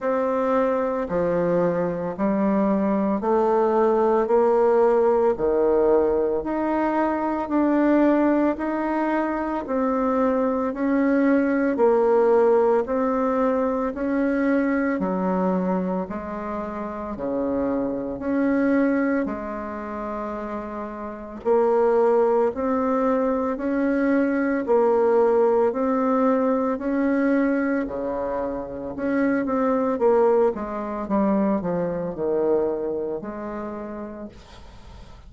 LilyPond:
\new Staff \with { instrumentName = "bassoon" } { \time 4/4 \tempo 4 = 56 c'4 f4 g4 a4 | ais4 dis4 dis'4 d'4 | dis'4 c'4 cis'4 ais4 | c'4 cis'4 fis4 gis4 |
cis4 cis'4 gis2 | ais4 c'4 cis'4 ais4 | c'4 cis'4 cis4 cis'8 c'8 | ais8 gis8 g8 f8 dis4 gis4 | }